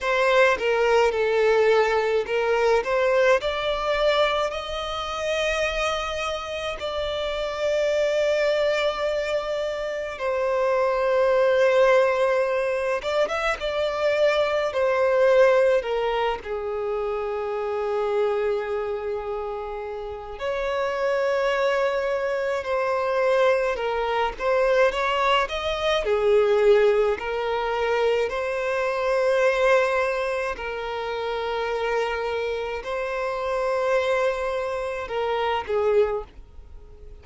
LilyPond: \new Staff \with { instrumentName = "violin" } { \time 4/4 \tempo 4 = 53 c''8 ais'8 a'4 ais'8 c''8 d''4 | dis''2 d''2~ | d''4 c''2~ c''8 d''16 e''16 | d''4 c''4 ais'8 gis'4.~ |
gis'2 cis''2 | c''4 ais'8 c''8 cis''8 dis''8 gis'4 | ais'4 c''2 ais'4~ | ais'4 c''2 ais'8 gis'8 | }